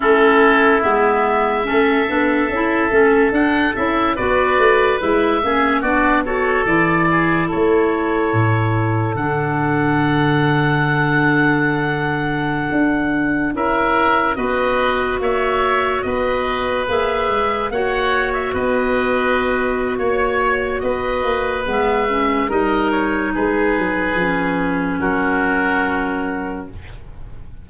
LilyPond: <<
  \new Staff \with { instrumentName = "oboe" } { \time 4/4 \tempo 4 = 72 a'4 e''2. | fis''8 e''8 d''4 e''4 d''8 cis''8 | d''4 cis''2 fis''4~ | fis''1~ |
fis''16 e''4 dis''4 e''4 dis''8.~ | dis''16 e''4 fis''8. e''16 dis''4.~ dis''16 | cis''4 dis''4 e''4 dis''8 cis''8 | b'2 ais'2 | }
  \new Staff \with { instrumentName = "oboe" } { \time 4/4 e'2 a'2~ | a'4 b'4. gis'8 fis'8 a'8~ | a'8 gis'8 a'2.~ | a'1~ |
a'16 ais'4 b'4 cis''4 b'8.~ | b'4~ b'16 cis''4 b'4.~ b'16 | cis''4 b'2 ais'4 | gis'2 fis'2 | }
  \new Staff \with { instrumentName = "clarinet" } { \time 4/4 cis'4 b4 cis'8 d'8 e'8 cis'8 | d'8 e'8 fis'4 e'8 cis'8 d'8 fis'8 | e'2. d'4~ | d'1~ |
d'16 e'4 fis'2~ fis'8.~ | fis'16 gis'4 fis'2~ fis'8.~ | fis'2 b8 cis'8 dis'4~ | dis'4 cis'2. | }
  \new Staff \with { instrumentName = "tuba" } { \time 4/4 a4 gis4 a8 b8 cis'8 a8 | d'8 cis'8 b8 a8 gis8 ais8 b4 | e4 a4 a,4 d4~ | d2.~ d16 d'8.~ |
d'16 cis'4 b4 ais4 b8.~ | b16 ais8 gis8 ais4 b4.~ b16 | ais4 b8 ais8 gis4 g4 | gis8 fis8 f4 fis2 | }
>>